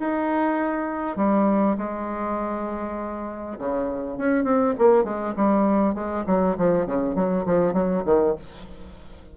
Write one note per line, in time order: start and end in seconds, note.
0.00 1.17 D#4
1.17 1.77 G3
1.78 3.58 G#3
3.59 4.18 C#3
4.18 4.45 C#4
4.45 4.75 C4
4.79 5.05 A#3
5.05 5.35 G#3
5.36 5.95 G3
5.95 6.25 G#3
6.27 6.57 F#3
6.58 6.86 F3
6.86 7.15 C#3
7.15 7.45 F#3
7.46 7.74 F3
7.74 8.04 F#3
8.06 8.36 D#3